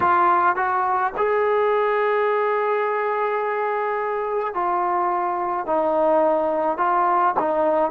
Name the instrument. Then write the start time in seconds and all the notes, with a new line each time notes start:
trombone
0.00 F4
0.56 F#4
1.17 G#4
4.54 F4
5.66 D#4
6.77 F4
7.39 D#4